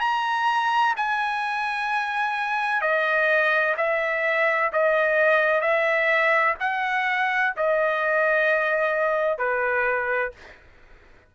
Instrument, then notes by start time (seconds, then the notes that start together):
trumpet
0.00 A#5
0.96 G#5
2.81 D#5
3.77 E5
4.72 D#5
5.60 E5
6.60 F#5
7.56 D#5
9.37 B4